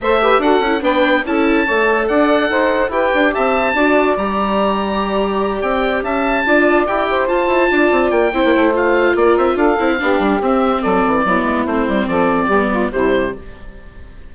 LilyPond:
<<
  \new Staff \with { instrumentName = "oboe" } { \time 4/4 \tempo 4 = 144 e''4 fis''4 g''4 a''4~ | a''4 fis''2 g''4 | a''2 ais''2~ | ais''4. g''4 a''4.~ |
a''8 g''4 a''2 g''8~ | g''4 f''4 d''8 e''8 f''4~ | f''4 e''4 d''2 | c''4 d''2 c''4 | }
  \new Staff \with { instrumentName = "saxophone" } { \time 4/4 c''8 b'8 a'4 b'4 a'4 | cis''4 d''4 c''4 b'4 | e''4 d''2.~ | d''2~ d''8 e''4 d''8~ |
d''4 c''4. d''4. | c''2 ais'4 a'4 | g'2 a'4 e'4~ | e'4 a'4 g'8 f'8 e'4 | }
  \new Staff \with { instrumentName = "viola" } { \time 4/4 a'8 g'8 fis'8 e'8 d'4 e'4 | a'2. g'4~ | g'4 fis'4 g'2~ | g'2.~ g'8 f'8~ |
f'8 g'4 f'2~ f'8 | e'4 f'2~ f'8 e'8 | d'4 c'2 b4 | c'2 b4 g4 | }
  \new Staff \with { instrumentName = "bassoon" } { \time 4/4 a4 d'8 cis'8 b4 cis'4 | a4 d'4 dis'4 e'8 d'8 | c'4 d'4 g2~ | g4. c'4 cis'4 d'8~ |
d'8 e'4 f'8 e'8 d'8 c'8 ais8 | c'16 ais16 a4. ais8 c'8 d'8 c'8 | b8 g8 c'4 fis8 e8 fis8 gis8 | a8 g8 f4 g4 c4 | }
>>